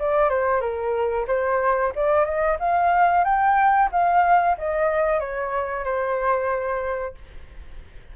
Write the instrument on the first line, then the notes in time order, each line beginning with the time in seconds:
flute
0.00 D5
0.30 C5
0.61 A#4
1.28 C5
1.96 D5
2.25 D#5
2.60 F5
3.24 G5
3.92 F5
4.58 D#5
5.20 C#5
5.84 C5